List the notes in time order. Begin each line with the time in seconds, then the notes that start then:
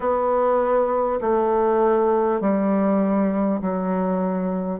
0.00 B3
1.21 A3
2.41 G3
3.61 F#3